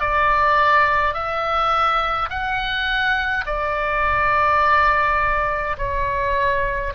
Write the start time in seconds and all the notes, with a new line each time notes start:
0.00 D5
1.14 E5
2.29 F#5
3.46 D5
5.77 C#5